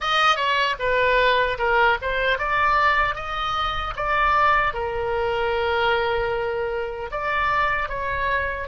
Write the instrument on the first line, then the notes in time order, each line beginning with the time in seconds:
oboe
0.00 D#5
0.36 C#5
0.79 B4
1.58 A#4
2.01 C5
2.38 D5
3.15 D#5
3.96 D5
4.73 A#4
7.11 D5
7.88 C#5